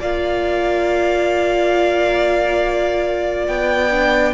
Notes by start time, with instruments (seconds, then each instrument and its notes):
0.00 cello A#3, viola F4, violin D5 F5
3.47 cello B3, violin G5
3.91 viola D4